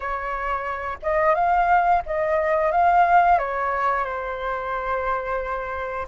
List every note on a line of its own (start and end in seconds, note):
0.00 0.98 C#5
1.02 1.35 D#5
1.35 2.02 F5
2.06 2.71 D#5
2.71 3.38 F5
3.38 4.04 C#5
4.04 6.06 C5